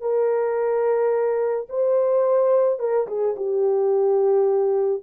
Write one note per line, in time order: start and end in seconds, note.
0.00 1.67 A#4
1.69 2.79 C5
2.79 3.07 A#4
3.07 3.35 G#4
3.36 5.03 G4